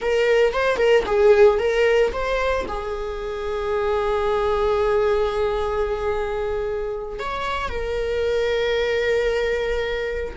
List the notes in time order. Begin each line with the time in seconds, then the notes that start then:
0.01 A#4
0.53 C5
0.77 A#4
1.06 G#4
1.59 A#4
2.12 C5
2.68 G#4
7.19 C#5
7.68 A#4